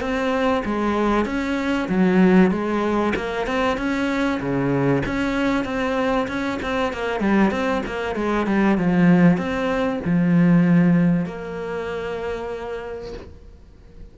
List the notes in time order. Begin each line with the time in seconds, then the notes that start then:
0.00 C4
0.65 G#3
1.25 C#4
1.88 F#3
2.51 G#3
3.16 A#3
3.46 C4
3.77 C#4
4.40 C#3
5.05 C#4
5.64 C4
6.27 C#4
6.62 C4
6.93 A#3
7.20 G3
7.51 C4
7.86 A#3
8.15 G#3
8.46 G3
8.78 F3
9.37 C4
10.05 F3
11.26 A#3